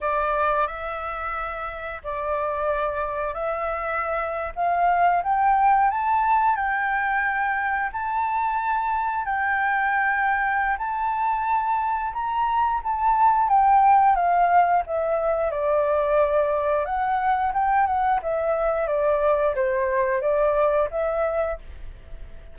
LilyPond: \new Staff \with { instrumentName = "flute" } { \time 4/4 \tempo 4 = 89 d''4 e''2 d''4~ | d''4 e''4.~ e''16 f''4 g''16~ | g''8. a''4 g''2 a''16~ | a''4.~ a''16 g''2~ g''16 |
a''2 ais''4 a''4 | g''4 f''4 e''4 d''4~ | d''4 fis''4 g''8 fis''8 e''4 | d''4 c''4 d''4 e''4 | }